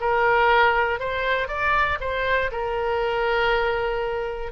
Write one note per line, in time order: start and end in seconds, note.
0.00 0.99 A#4
0.99 1.48 C5
1.48 1.98 D5
2.00 2.50 C5
2.51 4.52 A#4